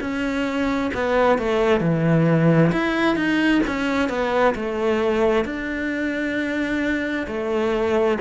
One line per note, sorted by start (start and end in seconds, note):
0.00 0.91 C#4
0.93 1.38 B3
1.38 1.80 A3
1.80 2.71 E3
2.71 3.16 E4
3.16 3.61 D#4
3.67 4.09 C#4
4.09 4.54 B3
4.55 5.45 A3
5.45 7.26 D4
7.27 8.18 A3